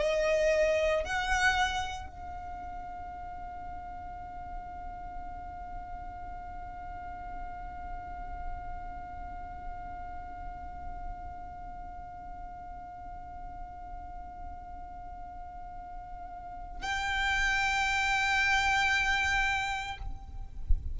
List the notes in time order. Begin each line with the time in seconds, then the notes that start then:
0.00 D#5
1.04 F#5
2.10 F5
16.82 G5